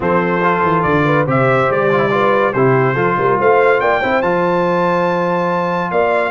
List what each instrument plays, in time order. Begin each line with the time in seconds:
0.00 tuba F3, trombone C4, horn A4, trumpet C5
0.43 trombone F4
0.62 tuba E3
0.82 tuba D3, trumpet D5
1.05 horn B4
1.26 tuba C3, trombone G4, horn C5, trumpet E5
1.70 tuba G3, trumpet D5
1.91 trombone F4
1.99 trombone E4
2.10 trombone F4, horn B4
2.52 tuba C3, trombone E4, horn G4, trumpet C5
2.94 tuba F3, trombone F4, horn A4
3.18 tuba G3, horn A#4
3.39 tuba A3, horn C5, trumpet F5
3.80 tuba A#3, horn D5, trumpet G5
4.00 tuba C4, trombone E4, horn C5
4.22 tuba F3, trombone F4, trumpet A5
5.90 tuba A#3, horn D5, trumpet F5